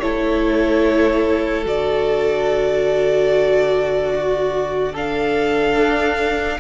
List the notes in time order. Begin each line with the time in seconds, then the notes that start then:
0.00 A3 E4 A4 C#5
1.65 D3 F#4 D5
4.15 F#4
4.93 D4 A4 F5
5.77 D4